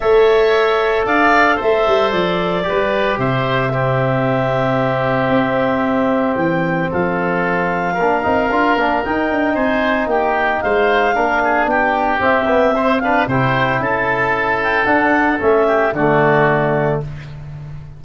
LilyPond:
<<
  \new Staff \with { instrumentName = "clarinet" } { \time 4/4 \tempo 4 = 113 e''2 f''4 e''4 | d''2 e''2~ | e''1 | g''4 f''2.~ |
f''4 g''4 gis''4 g''4 | f''2 g''4 e''4~ | e''8 f''8 g''4 a''4. g''8 | fis''4 e''4 d''2 | }
  \new Staff \with { instrumentName = "oboe" } { \time 4/4 cis''2 d''4 c''4~ | c''4 b'4 c''4 g'4~ | g'1~ | g'4 a'2 ais'4~ |
ais'2 c''4 g'4 | c''4 ais'8 gis'8 g'2 | c''8 b'8 c''4 a'2~ | a'4. g'8 fis'2 | }
  \new Staff \with { instrumentName = "trombone" } { \time 4/4 a'1~ | a'4 g'2 c'4~ | c'1~ | c'2. d'8 dis'8 |
f'8 d'8 dis'2.~ | dis'4 d'2 c'8 b8 | c'8 d'8 e'2. | d'4 cis'4 a2 | }
  \new Staff \with { instrumentName = "tuba" } { \time 4/4 a2 d'4 a8 g8 | f4 g4 c2~ | c2 c'2 | e4 f2 ais8 c'8 |
d'8 ais8 dis'8 d'8 c'4 ais4 | gis4 ais4 b4 c'4~ | c'4 c4 cis'2 | d'4 a4 d2 | }
>>